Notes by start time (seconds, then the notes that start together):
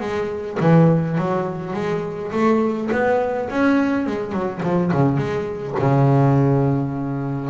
0.00 G#3
0.60 E3
1.17 F#3
1.73 G#3
2.32 A3
2.92 B3
3.50 C#4
4.06 G#3
4.32 F#3
4.63 F3
4.92 C#3
5.17 G#3
5.79 C#3